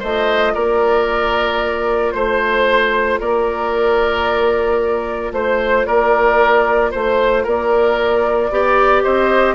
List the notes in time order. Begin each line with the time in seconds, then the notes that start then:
0.00 A3 F4 C5 D#5
0.55 A#3 A#4 D5
2.12 A3 C5
3.20 A#3 A#4 D5
5.32 A3 C5
5.86 A#3 A#4 D5
6.91 A3 C5
7.44 A#3 A#4 D5
8.51 B3 G4 D5
9.03 C4 C5 D#5